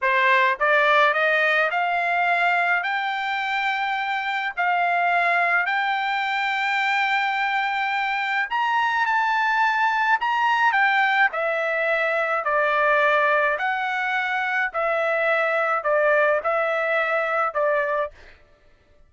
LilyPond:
\new Staff \with { instrumentName = "trumpet" } { \time 4/4 \tempo 4 = 106 c''4 d''4 dis''4 f''4~ | f''4 g''2. | f''2 g''2~ | g''2. ais''4 |
a''2 ais''4 g''4 | e''2 d''2 | fis''2 e''2 | d''4 e''2 d''4 | }